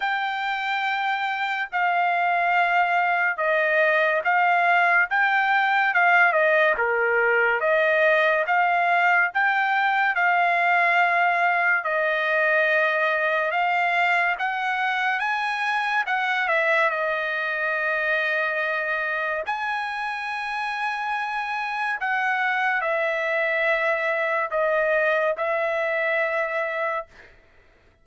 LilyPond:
\new Staff \with { instrumentName = "trumpet" } { \time 4/4 \tempo 4 = 71 g''2 f''2 | dis''4 f''4 g''4 f''8 dis''8 | ais'4 dis''4 f''4 g''4 | f''2 dis''2 |
f''4 fis''4 gis''4 fis''8 e''8 | dis''2. gis''4~ | gis''2 fis''4 e''4~ | e''4 dis''4 e''2 | }